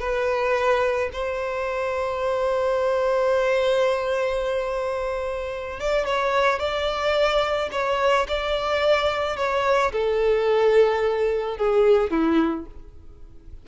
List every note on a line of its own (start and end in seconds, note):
0.00 1.10 B4
1.13 5.80 C5
5.80 6.06 D5
6.06 6.59 C#5
6.59 7.69 D5
7.72 8.27 C#5
8.28 9.37 D5
9.37 9.92 C#5
9.93 11.58 A4
11.58 12.11 G#4
12.11 12.66 E4